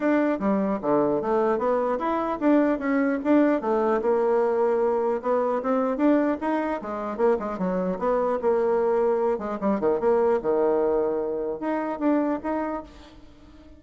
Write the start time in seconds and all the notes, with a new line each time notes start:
0.00 D4
0.39 G3
0.81 D3
1.21 A3
1.58 B3
1.99 E4
2.40 D4
2.78 C#4
3.24 D4
3.61 A3
4.01 A#3
5.22 B3
5.62 C4
5.97 D4
6.40 D#4
6.81 G#3
7.17 A#3
7.39 G#3
7.58 F#3
7.98 B3
8.41 A#3
9.38 G#3
9.60 G3
9.79 D#3
10.00 A#3
10.42 D#3
11.60 D#4
11.99 D4
12.43 D#4